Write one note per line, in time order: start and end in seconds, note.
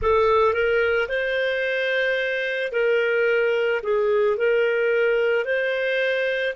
0.01 0.53 A4
0.53 1.08 A#4
1.08 2.72 C5
2.72 3.81 A#4
3.82 4.37 G#4
4.37 5.44 A#4
5.44 6.54 C5